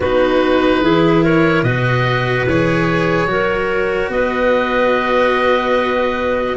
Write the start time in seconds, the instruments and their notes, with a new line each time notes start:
0.00 tuba B3, cello D#4, clarinet F#4, oboe B4
0.81 tuba E3, cello E4, clarinet G#4
1.23 clarinet A#4, oboe C#5
1.62 tuba B2, cello F#4, clarinet B4, oboe D#5
2.45 tuba E3, cello G#4, oboe C#5
3.26 tuba F#3, cello F#4, clarinet A#4
4.08 tuba B3, clarinet B4, oboe D#5